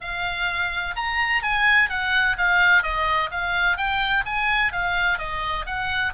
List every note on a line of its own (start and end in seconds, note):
0.00 0.95 F5
0.96 1.42 A#5
1.42 1.89 G#5
1.89 2.36 F#5
2.37 2.82 F5
2.82 3.30 D#5
3.31 3.77 F5
3.77 4.24 G5
4.25 4.72 G#5
4.72 5.18 F5
5.18 5.65 D#5
5.66 6.13 F#5